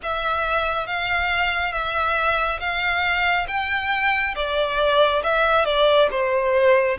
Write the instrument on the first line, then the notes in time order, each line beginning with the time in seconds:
violin
0.02 E5
0.87 F5
1.72 E5
2.59 F5
3.47 G5
4.35 D5
5.23 E5
5.65 D5
6.10 C5